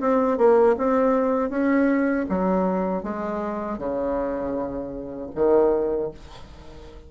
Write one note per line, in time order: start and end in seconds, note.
0.00 0.38 C4
0.38 0.76 A#3
0.77 1.49 C4
1.49 2.25 C#4
2.29 3.03 F#3
3.03 3.78 G#3
3.78 5.30 C#3
5.35 6.11 D#3